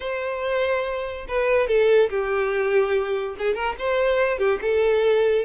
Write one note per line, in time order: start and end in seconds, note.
0.00 1.26 C5
1.28 1.67 B4
1.67 2.09 A4
2.10 3.35 G4
3.38 3.54 G#4
3.54 3.75 A#4
3.78 4.38 C5
4.38 4.59 G4
4.61 5.45 A4